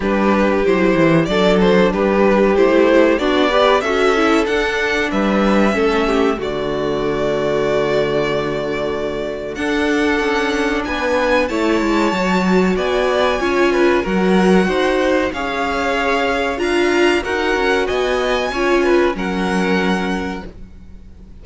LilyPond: <<
  \new Staff \with { instrumentName = "violin" } { \time 4/4 \tempo 4 = 94 b'4 c''4 d''8 c''8 b'4 | c''4 d''4 e''4 fis''4 | e''2 d''2~ | d''2. fis''4~ |
fis''4 gis''4 a''2 | gis''2 fis''2 | f''2 ais''4 fis''4 | gis''2 fis''2 | }
  \new Staff \with { instrumentName = "violin" } { \time 4/4 g'2 a'4 g'4~ | g'4 fis'8 b'8 a'2 | b'4 a'8 g'8 fis'2~ | fis'2. a'4~ |
a'4 b'4 cis''2 | d''4 cis''8 b'8 ais'4 c''4 | cis''2 f''4 ais'4 | dis''4 cis''8 b'8 ais'2 | }
  \new Staff \with { instrumentName = "viola" } { \time 4/4 d'4 e'4 d'2 | e'4 d'8 g'8 fis'8 e'8 d'4~ | d'4 cis'4 a2~ | a2. d'4~ |
d'2 e'4 fis'4~ | fis'4 f'4 fis'2 | gis'2 f'4 fis'4~ | fis'4 f'4 cis'2 | }
  \new Staff \with { instrumentName = "cello" } { \time 4/4 g4 fis8 e8 fis4 g4 | a4 b4 cis'4 d'4 | g4 a4 d2~ | d2. d'4 |
cis'4 b4 a8 gis8 fis4 | b4 cis'4 fis4 dis'4 | cis'2 d'4 dis'8 cis'8 | b4 cis'4 fis2 | }
>>